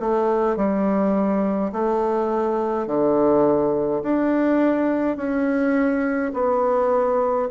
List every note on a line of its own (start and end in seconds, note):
0.00 0.57 A3
0.57 1.72 G3
1.73 2.87 A3
2.87 4.02 D3
4.03 5.17 D4
5.17 6.32 C#4
6.34 7.49 B3